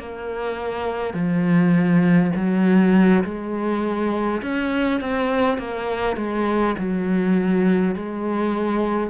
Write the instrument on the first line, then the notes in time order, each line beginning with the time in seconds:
cello
0.00 A#3
1.14 F3
2.36 F#3
3.25 G#3
4.42 C#4
5.01 C4
5.59 A#3
6.17 G#3
6.79 F#3
7.96 G#3